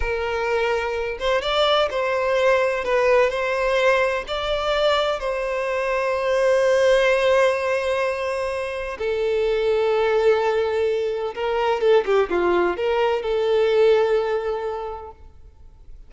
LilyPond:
\new Staff \with { instrumentName = "violin" } { \time 4/4 \tempo 4 = 127 ais'2~ ais'8 c''8 d''4 | c''2 b'4 c''4~ | c''4 d''2 c''4~ | c''1~ |
c''2. a'4~ | a'1 | ais'4 a'8 g'8 f'4 ais'4 | a'1 | }